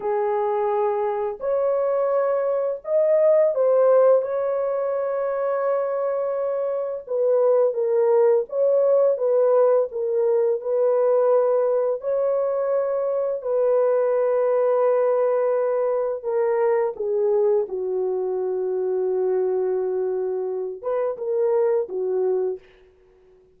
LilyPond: \new Staff \with { instrumentName = "horn" } { \time 4/4 \tempo 4 = 85 gis'2 cis''2 | dis''4 c''4 cis''2~ | cis''2 b'4 ais'4 | cis''4 b'4 ais'4 b'4~ |
b'4 cis''2 b'4~ | b'2. ais'4 | gis'4 fis'2.~ | fis'4. b'8 ais'4 fis'4 | }